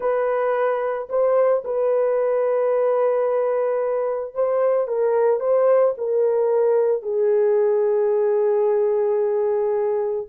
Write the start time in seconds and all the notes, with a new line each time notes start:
0.00 B4
1.09 C5
1.64 B4
4.34 C5
4.87 A#4
5.40 C5
5.97 A#4
7.02 G#4